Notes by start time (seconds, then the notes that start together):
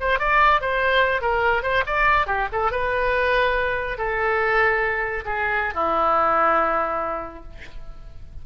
0.00 C5
0.19 D5
0.61 C5
1.21 A#4
1.62 C5
1.86 D5
2.26 G4
2.52 A4
2.71 B4
3.98 A4
5.25 G#4
5.74 E4